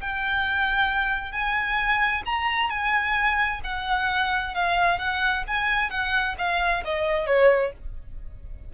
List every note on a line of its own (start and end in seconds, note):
0.00 1.32 G5
1.32 2.23 G#5
2.25 2.70 A#5
2.70 3.61 G#5
3.64 4.55 F#5
4.55 4.99 F5
4.99 5.44 F#5
5.48 5.90 G#5
5.90 6.36 F#5
6.38 6.83 F5
6.85 7.26 D#5
7.26 7.72 C#5